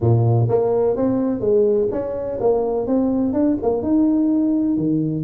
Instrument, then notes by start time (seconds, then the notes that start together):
tuba
0.00 A#2
0.48 A#3
0.96 C4
1.40 G#3
1.91 C#4
2.40 A#3
2.86 C4
3.33 D4
3.62 A#3
3.82 D#4
4.77 D#3